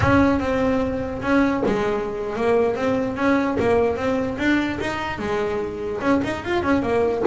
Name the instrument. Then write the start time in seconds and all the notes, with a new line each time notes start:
double bass
0.00 C#4
0.39 C4
1.22 C#4
1.65 G#3
2.35 A#3
2.75 C4
3.16 C#4
3.59 A#3
3.96 C4
4.37 D4
4.80 D#4
5.18 G#3
6.01 C#4
6.24 D#4
6.44 F4
6.62 C#4
6.82 A#3